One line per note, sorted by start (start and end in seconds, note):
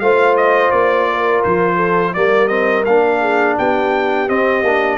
0.00 0.72 A3
0.00 2.16 F4
0.00 1.10 C5
0.00 0.36 F5
0.37 0.71 D#5
0.71 1.44 A#3
0.71 1.43 D5
1.11 1.76 A#4
1.44 2.16 F3
1.44 2.14 C5
1.76 2.12 A4
2.14 2.87 G3
2.14 2.48 A#3
2.14 3.21 A#4
2.14 2.48 D5
2.48 2.84 C4
2.48 2.84 D#5
2.85 3.58 A#3
2.85 4.29 D4
2.85 3.57 F5
3.21 3.57 G#4
3.58 4.29 B3
3.58 4.99 G4
3.58 4.29 G5
4.29 4.63 C4
4.29 4.65 C4
4.29 4.99 D#5
4.63 4.99 A#3
4.63 4.99 D4